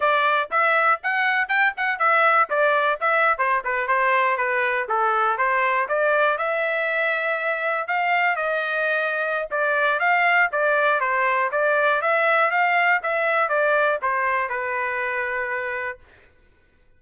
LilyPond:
\new Staff \with { instrumentName = "trumpet" } { \time 4/4 \tempo 4 = 120 d''4 e''4 fis''4 g''8 fis''8 | e''4 d''4 e''8. c''8 b'8 c''16~ | c''8. b'4 a'4 c''4 d''16~ | d''8. e''2. f''16~ |
f''8. dis''2~ dis''16 d''4 | f''4 d''4 c''4 d''4 | e''4 f''4 e''4 d''4 | c''4 b'2. | }